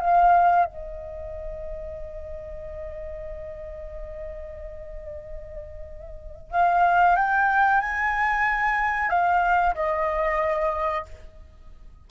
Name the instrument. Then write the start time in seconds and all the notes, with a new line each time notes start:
flute
0.00 F5
0.65 D#5
6.51 F5
7.16 G5
7.80 G#5
9.09 F5
9.74 D#5